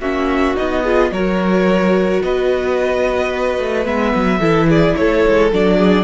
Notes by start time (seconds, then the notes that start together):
0.00 A#3 C#4 F#4 E5
0.56 B3 D#4 D#5
0.83 F4 G#4
1.11 F#3 F#4 A#4 C#5
2.23 B3 B4 D#5
3.59 A3
3.85 G#3 B3 E5
4.15 F#3
4.39 E3 E4 A4
4.69 G#4 D5
4.96 A3 A4 C#5
5.28 G#3
5.52 F#3 D4 D5
5.78 G#4